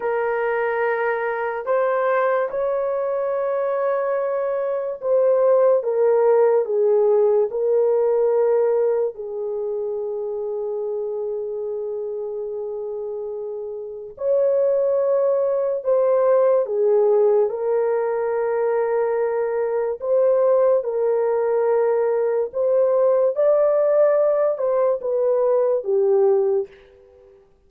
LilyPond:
\new Staff \with { instrumentName = "horn" } { \time 4/4 \tempo 4 = 72 ais'2 c''4 cis''4~ | cis''2 c''4 ais'4 | gis'4 ais'2 gis'4~ | gis'1~ |
gis'4 cis''2 c''4 | gis'4 ais'2. | c''4 ais'2 c''4 | d''4. c''8 b'4 g'4 | }